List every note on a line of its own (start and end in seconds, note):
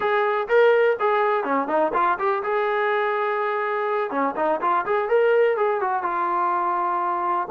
0.00 0.47 G#4
0.48 0.97 A#4
0.99 1.44 G#4
1.44 1.67 C#4
1.67 1.92 D#4
1.93 2.18 F4
2.18 2.42 G4
2.43 4.10 G#4
4.10 4.34 C#4
4.36 4.60 D#4
4.61 4.85 F4
4.85 5.09 G#4
5.09 5.56 A#4
5.56 5.80 G#4
5.80 6.02 F#4
6.02 7.48 F4